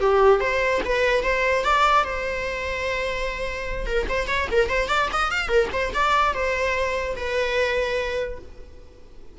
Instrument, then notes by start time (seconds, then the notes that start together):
viola
0.00 G4
0.40 C5
0.85 B4
1.23 C5
1.64 D5
2.04 C5
3.86 A#4
4.09 C5
4.27 C#5
4.51 A#4
4.69 C5
4.88 D5
5.13 D#5
5.31 F5
5.48 A#4
5.72 C5
5.94 D5
6.34 C5
7.16 B4